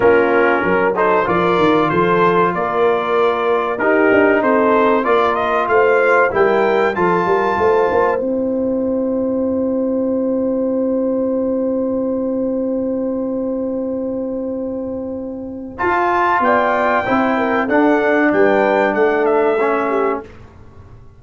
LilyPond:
<<
  \new Staff \with { instrumentName = "trumpet" } { \time 4/4 \tempo 4 = 95 ais'4. c''8 d''4 c''4 | d''2 ais'4 c''4 | d''8 dis''8 f''4 g''4 a''4~ | a''4 g''2.~ |
g''1~ | g''1~ | g''4 a''4 g''2 | fis''4 g''4 fis''8 e''4. | }
  \new Staff \with { instrumentName = "horn" } { \time 4/4 f'4 ais'8 a'8 ais'4 a'4 | ais'2 g'4 a'4 | ais'4 c''4 ais'4 a'8 ais'8 | c''1~ |
c''1~ | c''1~ | c''2 d''4 c''8 ais'8 | a'4 b'4 a'4. g'8 | }
  \new Staff \with { instrumentName = "trombone" } { \time 4/4 cis'4. dis'8 f'2~ | f'2 dis'2 | f'2 e'4 f'4~ | f'4 e'2.~ |
e'1~ | e'1~ | e'4 f'2 e'4 | d'2. cis'4 | }
  \new Staff \with { instrumentName = "tuba" } { \time 4/4 ais4 fis4 f8 dis8 f4 | ais2 dis'8 d'8 c'4 | ais4 a4 g4 f8 g8 | a8 ais8 c'2.~ |
c'1~ | c'1~ | c'4 f'4 b4 c'4 | d'4 g4 a2 | }
>>